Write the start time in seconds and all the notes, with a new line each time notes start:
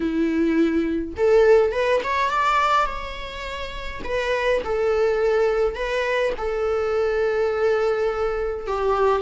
0.00 E4
1.16 A4
1.72 B4
2.03 C#5
2.30 D5
2.86 C#5
4.04 B4
4.64 A4
5.75 B4
6.37 A4
8.67 G4